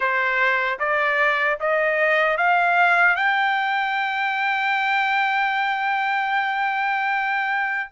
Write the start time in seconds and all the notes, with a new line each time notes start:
0.00 C5
0.79 D5
1.60 D#5
2.37 F5
3.16 G5